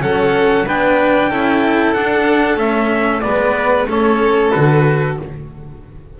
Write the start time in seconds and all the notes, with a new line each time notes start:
0.00 F#3 C#4 A4 F#5
0.66 B3 D4 B4 G5
1.29 C#4 E4 A4
1.93 D4 F#5
2.56 A3 C#4 E5
3.21 G#3 B3 B4 D5
3.87 A3 C#4 A4 C#5
4.51 D3 F#4 B4